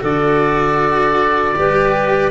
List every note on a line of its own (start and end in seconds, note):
0.00 1.56 D3
0.00 1.54 F#4
0.00 1.55 A4
0.00 2.31 D5
1.55 2.31 G3
1.55 2.31 G4
1.55 2.31 B4